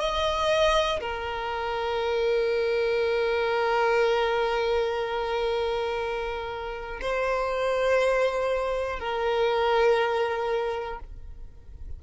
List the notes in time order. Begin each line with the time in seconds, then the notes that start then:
0.00 D#5
1.00 A#4
7.01 C5
8.99 A#4